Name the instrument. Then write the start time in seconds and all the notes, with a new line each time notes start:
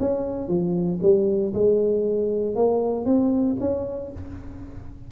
tuba
0.00 C#4
0.48 F3
1.02 G3
1.54 G#3
2.55 A#3
3.06 C4
3.60 C#4